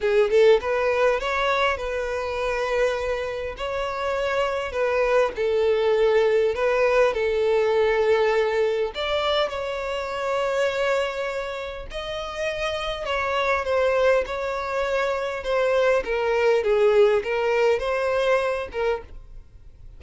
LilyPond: \new Staff \with { instrumentName = "violin" } { \time 4/4 \tempo 4 = 101 gis'8 a'8 b'4 cis''4 b'4~ | b'2 cis''2 | b'4 a'2 b'4 | a'2. d''4 |
cis''1 | dis''2 cis''4 c''4 | cis''2 c''4 ais'4 | gis'4 ais'4 c''4. ais'8 | }